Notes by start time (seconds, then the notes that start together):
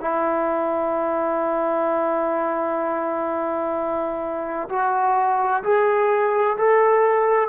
0.00 E4
4.69 F#4
5.63 G#4
6.57 A4